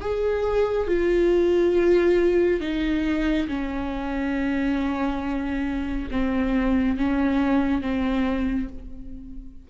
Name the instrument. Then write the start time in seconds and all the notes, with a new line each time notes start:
viola
0.00 G#4
0.87 F4
2.60 D#4
3.47 C#4
6.11 C4
6.97 C#4
7.81 C4